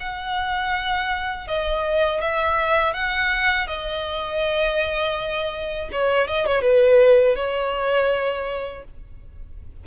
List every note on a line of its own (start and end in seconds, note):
0.00 1.47 F#5
1.47 2.21 D#5
2.21 2.94 E5
2.94 3.67 F#5
3.67 5.90 D#5
5.92 6.28 C#5
6.28 6.46 D#5
6.46 6.62 C#5
6.62 7.36 B4
7.36 8.84 C#5